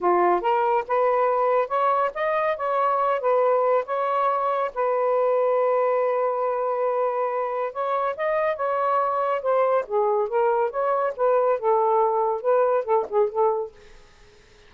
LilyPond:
\new Staff \with { instrumentName = "saxophone" } { \time 4/4 \tempo 4 = 140 f'4 ais'4 b'2 | cis''4 dis''4 cis''4. b'8~ | b'4 cis''2 b'4~ | b'1~ |
b'2 cis''4 dis''4 | cis''2 c''4 gis'4 | ais'4 cis''4 b'4 a'4~ | a'4 b'4 a'8 gis'8 a'4 | }